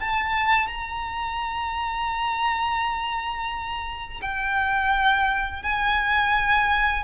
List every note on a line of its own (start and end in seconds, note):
0.00 0.67 A5
0.67 4.20 A#5
4.22 5.63 G5
5.63 7.04 G#5